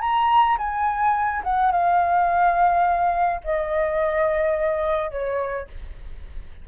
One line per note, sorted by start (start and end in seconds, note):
0.00 0.57 A#5
0.58 1.43 G#5
1.43 1.71 F#5
1.71 3.41 F5
3.44 5.11 D#5
5.11 5.67 C#5